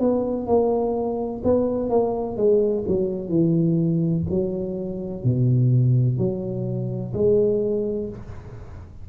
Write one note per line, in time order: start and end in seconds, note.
0.00 0.47 B3
0.47 1.42 A#3
1.44 1.90 B3
1.90 2.37 A#3
2.37 2.85 G#3
2.88 3.29 F#3
3.29 4.24 E3
4.30 5.24 F#3
5.24 6.18 B2
6.18 7.13 F#3
7.14 8.10 G#3